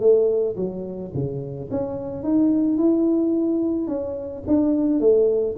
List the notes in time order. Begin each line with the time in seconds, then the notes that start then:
0.00 A3
0.56 F#3
1.14 C#3
1.71 C#4
2.23 D#4
2.78 E4
3.88 C#4
4.47 D4
5.00 A3